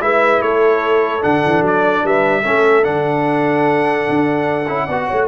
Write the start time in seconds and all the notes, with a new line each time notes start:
0.00 G#3 E4 B4 E5
0.41 A3 A4 C#5
1.21 D3 D4 F#5
1.45 E3
1.61 F#3 D5
2.04 G3 B4 E5
2.42 A3 C#4 A4
2.83 D3 D4 F#5
4.09 D4
4.67 C#4 E4
4.85 B3 F#4 D5
5.07 A3 C#5